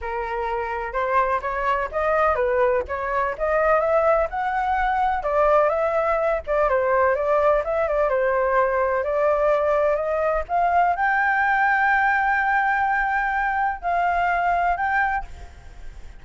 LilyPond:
\new Staff \with { instrumentName = "flute" } { \time 4/4 \tempo 4 = 126 ais'2 c''4 cis''4 | dis''4 b'4 cis''4 dis''4 | e''4 fis''2 d''4 | e''4. d''8 c''4 d''4 |
e''8 d''8 c''2 d''4~ | d''4 dis''4 f''4 g''4~ | g''1~ | g''4 f''2 g''4 | }